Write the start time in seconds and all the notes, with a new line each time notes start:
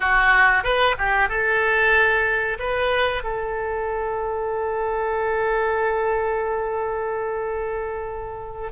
0.00 F#4
0.63 B4
0.98 G4
1.28 A4
2.59 B4
3.23 A4